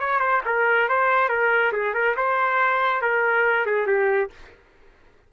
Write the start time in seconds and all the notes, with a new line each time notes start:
0.00 C#5
0.20 C5
0.46 A#4
0.89 C5
1.29 A#4
1.73 G#4
1.94 A#4
2.17 C5
3.02 A#4
3.66 G#4
3.87 G4